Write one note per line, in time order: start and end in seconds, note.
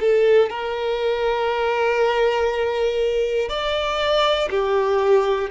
0.00 0.50 A4
0.50 3.49 A#4
3.49 4.49 D5
4.50 5.50 G4